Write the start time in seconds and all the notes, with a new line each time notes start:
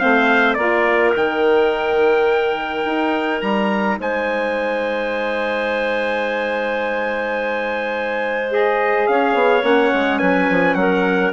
0.00 A3 C4 C5 F5
0.54 A#3 F4 A#4 D5
1.13 D#3 D#4 G5
2.85 D#4
3.42 G3 A#5
3.99 G#3 C5 G#5
8.50 G#4 D#5
9.07 C#4 C#5 F5
9.34 B3
9.62 A#3 C#4 F#5
9.94 G#3
10.19 F#3 B4 G#5
10.50 F3
10.75 F#3 A#4 F#5